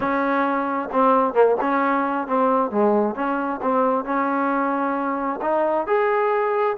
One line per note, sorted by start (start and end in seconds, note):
0.00 0.89 C#4
0.91 1.33 C4
1.33 1.56 A#3
1.60 2.27 C#4
2.27 2.71 C4
2.71 3.15 G#3
3.15 3.60 C#4
3.62 4.04 C4
4.04 5.40 C#4
5.41 5.86 D#4
5.86 6.77 G#4